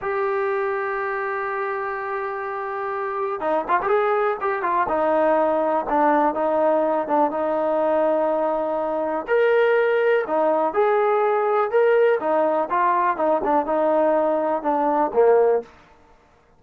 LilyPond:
\new Staff \with { instrumentName = "trombone" } { \time 4/4 \tempo 4 = 123 g'1~ | g'2. dis'8 f'16 g'16 | gis'4 g'8 f'8 dis'2 | d'4 dis'4. d'8 dis'4~ |
dis'2. ais'4~ | ais'4 dis'4 gis'2 | ais'4 dis'4 f'4 dis'8 d'8 | dis'2 d'4 ais4 | }